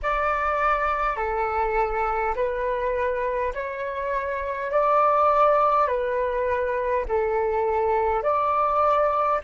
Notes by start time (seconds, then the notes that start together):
0.02 D5
1.16 A4
2.35 B4
3.53 C#5
4.71 D5
5.87 B4
7.08 A4
8.22 D5